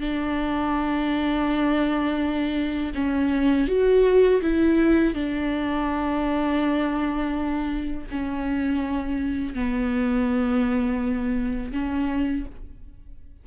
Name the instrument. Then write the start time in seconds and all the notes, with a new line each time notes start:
viola
0.00 D4
2.95 C#4
3.68 F#4
4.41 E4
5.14 D4
8.11 C#4
9.54 B3
11.72 C#4